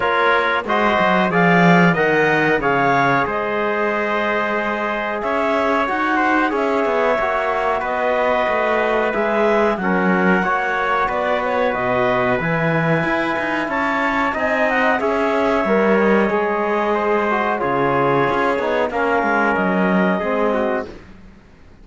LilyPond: <<
  \new Staff \with { instrumentName = "clarinet" } { \time 4/4 \tempo 4 = 92 cis''4 dis''4 f''4 fis''4 | f''4 dis''2. | e''4 fis''4 e''2 | dis''2 e''4 fis''4~ |
fis''4 d''8 cis''8 dis''4 gis''4~ | gis''4 a''4 gis''8 fis''8 e''4~ | e''8 dis''2~ dis''8 cis''4~ | cis''4 f''4 dis''2 | }
  \new Staff \with { instrumentName = "trumpet" } { \time 4/4 ais'4 c''4 d''4 dis''4 | cis''4 c''2. | cis''4. c''8 cis''2 | b'2. ais'4 |
cis''4 b'2.~ | b'4 cis''4 dis''4 cis''4~ | cis''2 c''4 gis'4~ | gis'4 ais'2 gis'8 fis'8 | }
  \new Staff \with { instrumentName = "trombone" } { \time 4/4 f'4 fis'4 gis'4 ais'4 | gis'1~ | gis'4 fis'4 gis'4 fis'4~ | fis'2 gis'4 cis'4 |
fis'2. e'4~ | e'2 dis'4 gis'4 | ais'4 gis'4. fis'8 f'4~ | f'8 dis'8 cis'2 c'4 | }
  \new Staff \with { instrumentName = "cello" } { \time 4/4 ais4 gis8 fis8 f4 dis4 | cis4 gis2. | cis'4 dis'4 cis'8 b8 ais4 | b4 a4 gis4 fis4 |
ais4 b4 b,4 e4 | e'8 dis'8 cis'4 c'4 cis'4 | g4 gis2 cis4 | cis'8 b8 ais8 gis8 fis4 gis4 | }
>>